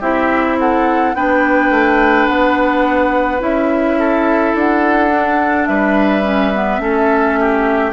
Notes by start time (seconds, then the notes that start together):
0.00 C4 E4 G4 E5
0.59 A4 F#5
1.15 B3 D4 B4 G5
1.71 A3
2.28 B3 F#5
3.40 C#4 E4 E5
3.99 A4
4.54 D4 F#5
5.13 D4
5.66 G3 B4 E5
6.23 C#4
6.54 B3
6.79 A3 C#4 A4
7.40 G4